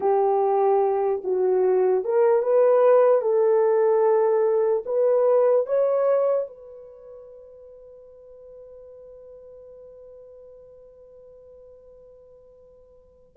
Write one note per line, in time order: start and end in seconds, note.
0.00 1.22 G4
1.24 2.04 F#4
2.04 2.42 A#4
2.42 3.21 B4
3.21 4.83 A4
4.85 5.66 B4
5.66 6.47 C#5
6.47 13.36 B4